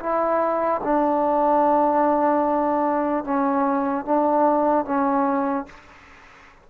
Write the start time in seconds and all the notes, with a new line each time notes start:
0.00 E4
0.84 D4
3.25 C#4
4.05 D4
4.85 C#4